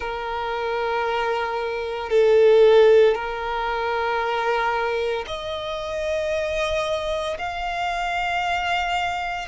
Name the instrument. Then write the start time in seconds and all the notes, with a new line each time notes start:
violin
0.00 A#4
2.09 A4
3.14 A#4
5.27 D#5
7.38 F5